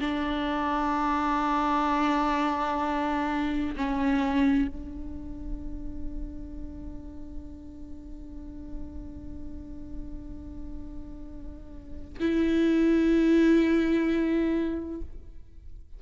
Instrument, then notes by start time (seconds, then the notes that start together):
viola
0.00 D4
3.76 C#4
4.68 D4
12.20 E4